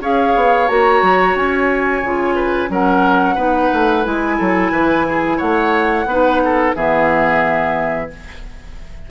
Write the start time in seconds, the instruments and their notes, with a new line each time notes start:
0.00 bassoon C#4, clarinet G#4, oboe C#5, flute F5
0.35 bassoon B3
0.68 bassoon A#3, clarinet F#4, flute A#5
1.02 bassoon F#3
1.35 bassoon C#4, flute G#5
2.02 bassoon C#3, clarinet F4
2.35 oboe B4
2.69 bassoon F#3, clarinet C#4, oboe A#4, flute F#5
3.35 bassoon B3, clarinet D#4, oboe B4
3.73 bassoon A3
4.03 bassoon G#3, clarinet E4, flute G#5
4.38 bassoon F#3, oboe A4
4.71 bassoon E3, oboe B4
5.08 oboe G#4
5.37 bassoon A3, oboe C#5, flute F#5
6.05 bassoon B3, clarinet D#4, oboe B4
6.44 oboe A4
6.75 bassoon E3, clarinet B3, oboe G#4, flute E5